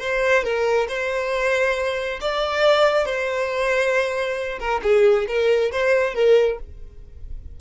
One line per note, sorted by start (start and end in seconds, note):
0.00 0.44 C5
0.44 0.87 A#4
0.88 2.20 C5
2.21 3.05 D5
3.05 4.59 C5
4.59 4.81 A#4
4.83 5.26 G#4
5.27 5.71 A#4
5.71 6.14 C5
6.14 6.58 A#4